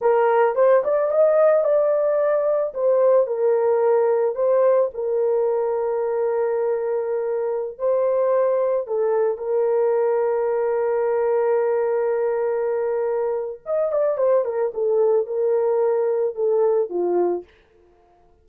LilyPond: \new Staff \with { instrumentName = "horn" } { \time 4/4 \tempo 4 = 110 ais'4 c''8 d''8 dis''4 d''4~ | d''4 c''4 ais'2 | c''4 ais'2.~ | ais'2~ ais'16 c''4.~ c''16~ |
c''16 a'4 ais'2~ ais'8.~ | ais'1~ | ais'4 dis''8 d''8 c''8 ais'8 a'4 | ais'2 a'4 f'4 | }